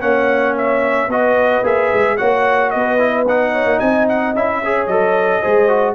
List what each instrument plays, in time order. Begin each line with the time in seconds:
0.00 tuba A#3, trombone C#4, horn C#5, trumpet F#5
0.57 trumpet E5
1.07 tuba B3, trombone F#4, horn B4, trumpet D#5
1.63 tuba A#3, trombone G#4, trumpet E5
1.93 tuba G#3
2.17 tuba A#3, trombone F#4, horn C#5, trumpet F#5
2.70 tuba B3, horn B4, trumpet D#5
2.98 trombone E4
3.28 trombone D#4, trumpet F#5
3.52 horn C#5
3.65 tuba A#3
3.78 tuba C4, horn D#5, trumpet G#5
4.08 trumpet F#5
4.34 tuba C#4, trombone E4, trumpet E5
4.63 trombone G#4, horn C#5
4.86 tuba F#3, trombone A4, trumpet D#5
5.41 tuba G#3, trombone G#4, horn C5
5.68 trombone F#4